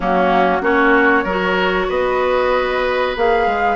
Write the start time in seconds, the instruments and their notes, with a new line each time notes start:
0.00 bassoon F#3, clarinet A#3, oboe C#4, flute F#4
0.61 bassoon A#3, clarinet C#4, oboe F#4, flute C#5
1.23 bassoon F#3, clarinet F#4, oboe A#4
1.88 bassoon B3, oboe B4, flute D#5
3.16 bassoon A#3, clarinet G#4, flute F5
3.46 bassoon G#3